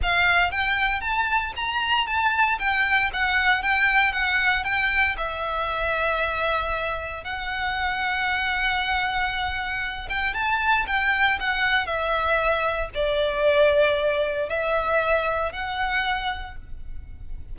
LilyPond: \new Staff \with { instrumentName = "violin" } { \time 4/4 \tempo 4 = 116 f''4 g''4 a''4 ais''4 | a''4 g''4 fis''4 g''4 | fis''4 g''4 e''2~ | e''2 fis''2~ |
fis''2.~ fis''8 g''8 | a''4 g''4 fis''4 e''4~ | e''4 d''2. | e''2 fis''2 | }